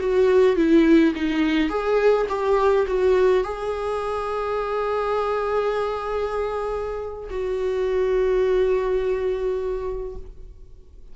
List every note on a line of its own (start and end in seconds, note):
0.00 0.57 F#4
0.57 1.14 E4
1.15 1.70 D#4
1.70 2.27 G#4
2.29 2.86 G4
2.87 3.44 F#4
3.44 7.30 G#4
7.30 10.16 F#4